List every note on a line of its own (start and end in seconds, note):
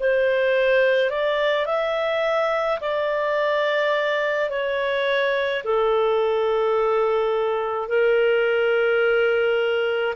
0.00 1.10 C5
1.10 1.66 D5
1.66 2.79 E5
2.80 4.50 D5
4.50 5.63 C#5
5.64 7.88 A4
7.88 10.14 A#4